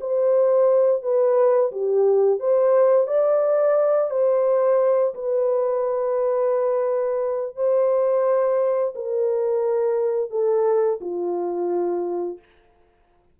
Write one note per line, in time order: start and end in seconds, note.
0.00 1.02 C5
1.02 1.71 B4
1.71 2.39 G4
2.39 3.07 C5
3.07 4.10 D5
4.10 5.14 C5
5.14 7.56 B4
7.56 8.94 C5
8.95 10.30 A#4
10.30 10.99 A4
11.01 12.39 F4